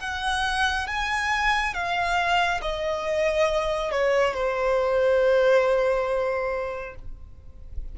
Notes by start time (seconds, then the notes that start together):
0.00 F#5
0.87 G#5
1.74 F5
2.61 D#5
3.91 C#5
4.34 C5